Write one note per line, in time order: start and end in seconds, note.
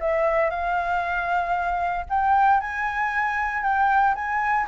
0.00 0.50 E5
0.50 2.05 F5
2.09 2.60 G5
2.60 3.63 G#5
3.63 4.14 G5
4.14 4.66 G#5